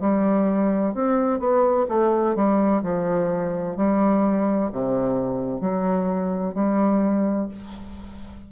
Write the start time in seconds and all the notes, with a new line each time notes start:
0.00 G3
0.94 C4
1.39 B3
1.88 A3
2.35 G3
2.83 F3
3.77 G3
4.72 C3
5.60 F#3
6.54 G3